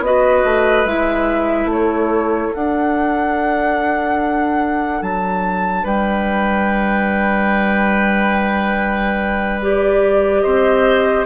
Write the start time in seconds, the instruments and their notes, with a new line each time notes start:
0.00 bassoon B3, clarinet F#4, flute D#5
0.06 oboe B4
0.44 bassoon A3
0.85 bassoon G#3, clarinet E4, flute E5
1.65 bassoon A3, oboe A4, flute C#5
2.53 clarinet D4, bassoon D4, flute F#5
5.02 bassoon F#3, flute A5
5.84 bassoon G3, oboe B4, flute G5
9.61 clarinet G4, flute D5
10.41 bassoon C4, oboe C5, flute D#5